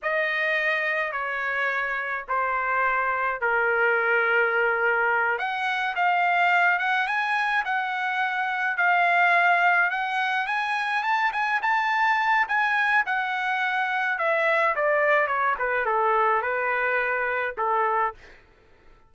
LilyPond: \new Staff \with { instrumentName = "trumpet" } { \time 4/4 \tempo 4 = 106 dis''2 cis''2 | c''2 ais'2~ | ais'4. fis''4 f''4. | fis''8 gis''4 fis''2 f''8~ |
f''4. fis''4 gis''4 a''8 | gis''8 a''4. gis''4 fis''4~ | fis''4 e''4 d''4 cis''8 b'8 | a'4 b'2 a'4 | }